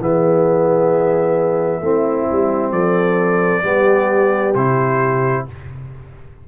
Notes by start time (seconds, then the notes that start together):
0.00 E3 B3 G#4 E5
1.81 A3 C4 E4
2.32 G3
2.71 F3 A4 D5
3.63 G3 B3 G4
4.55 C3 E4 C5